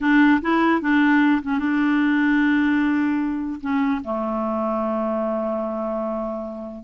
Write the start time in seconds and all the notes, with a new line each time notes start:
0.00 D4
0.41 E4
0.81 D4
1.42 C#4
1.59 D4
3.60 C#4
4.04 A3